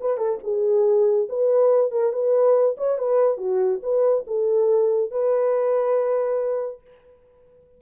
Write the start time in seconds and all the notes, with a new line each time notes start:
0.00 B4
0.17 A4
0.43 G#4
1.29 B4
1.91 A#4
2.12 B4
2.77 C#5
2.98 B4
3.37 F#4
3.82 B4
4.26 A4
5.10 B4